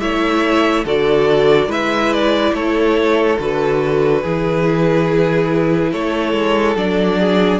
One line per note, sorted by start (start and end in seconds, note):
0.00 0.85 A3
0.00 0.85 E4
0.00 0.85 C#5
0.00 0.85 E5
0.85 1.67 D3
0.85 1.68 F#4
0.85 1.69 A4
0.85 1.71 D5
1.67 2.51 G#3
1.67 3.37 E4
1.67 2.53 B4
1.67 2.13 E5
2.13 2.54 D5
2.53 3.37 A3
2.53 4.22 A4
2.53 3.39 C#5
3.39 4.23 D3
3.39 4.23 F#4
3.39 5.92 B4
4.22 5.93 E3
4.22 6.77 E4
4.22 5.91 G#4
5.92 6.33 A3
5.92 7.19 A4
5.92 6.77 C#5
6.33 6.75 G#3
6.75 7.60 F#3
6.75 7.60 D4
6.75 7.60 D5
7.19 7.60 G#4